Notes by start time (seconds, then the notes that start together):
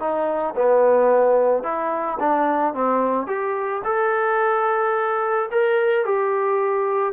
0.00 D#4
0.56 B3
1.64 E4
2.20 D4
2.74 C4
3.27 G4
3.85 A4
5.52 A#4
6.06 G4